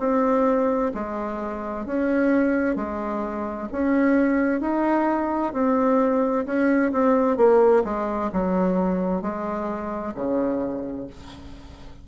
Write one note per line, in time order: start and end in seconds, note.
0.00 0.92 C4
0.95 1.86 G#3
1.86 2.76 C#4
2.76 3.68 G#3
3.72 4.61 C#4
4.61 5.53 D#4
5.53 6.46 C4
6.46 6.92 C#4
6.93 7.37 C4
7.37 7.83 A#3
7.85 8.31 G#3
8.33 9.22 F#3
9.22 10.15 G#3
10.15 11.08 C#3